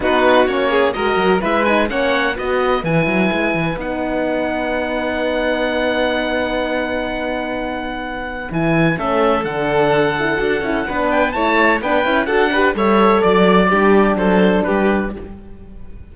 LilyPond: <<
  \new Staff \with { instrumentName = "oboe" } { \time 4/4 \tempo 4 = 127 b'4 cis''4 dis''4 e''8 gis''8 | fis''4 dis''4 gis''2 | fis''1~ | fis''1~ |
fis''2 gis''4 e''4 | fis''2.~ fis''8 g''8 | a''4 g''4 fis''4 e''4 | d''2 c''4 b'4 | }
  \new Staff \with { instrumentName = "violin" } { \time 4/4 fis'4. gis'8 ais'4 b'4 | cis''4 b'2.~ | b'1~ | b'1~ |
b'2. a'4~ | a'2. b'4 | cis''4 b'4 a'8 b'8 cis''4 | d''4 g'4 a'4 g'4 | }
  \new Staff \with { instrumentName = "horn" } { \time 4/4 dis'4 cis'4 fis'4 e'8 dis'8 | cis'4 fis'4 e'2 | dis'1~ | dis'1~ |
dis'2 e'4 cis'4 | d'4. e'8 fis'8 e'8 d'4 | e'4 d'8 e'8 fis'8 g'8 a'4~ | a'4 d'2. | }
  \new Staff \with { instrumentName = "cello" } { \time 4/4 b4 ais4 gis8 fis8 gis4 | ais4 b4 e8 fis8 gis8 e8 | b1~ | b1~ |
b2 e4 a4 | d2 d'8 cis'8 b4 | a4 b8 cis'8 d'4 g4 | fis4 g4 fis4 g4 | }
>>